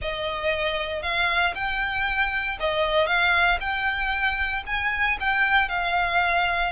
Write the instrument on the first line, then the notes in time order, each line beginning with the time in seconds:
violin
0.01 D#5
1.02 F5
1.54 G5
2.60 D#5
3.06 F5
3.60 G5
4.66 G#5
5.20 G5
5.68 F5